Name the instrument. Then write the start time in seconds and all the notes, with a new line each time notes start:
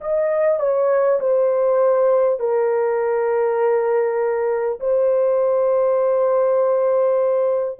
horn
0.00 D#5
0.59 C#5
1.20 C5
2.39 A#4
4.80 C5